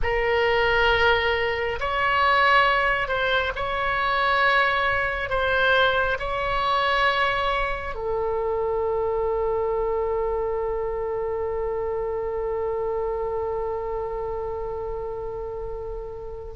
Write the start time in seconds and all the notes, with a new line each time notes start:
0.02 A#4
1.80 C#5
3.08 C5
3.55 C#5
5.29 C5
6.19 C#5
7.94 A4